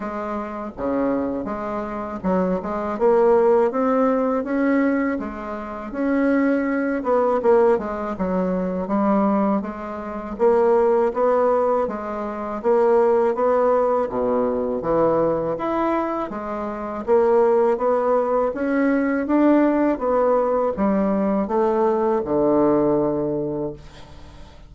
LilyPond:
\new Staff \with { instrumentName = "bassoon" } { \time 4/4 \tempo 4 = 81 gis4 cis4 gis4 fis8 gis8 | ais4 c'4 cis'4 gis4 | cis'4. b8 ais8 gis8 fis4 | g4 gis4 ais4 b4 |
gis4 ais4 b4 b,4 | e4 e'4 gis4 ais4 | b4 cis'4 d'4 b4 | g4 a4 d2 | }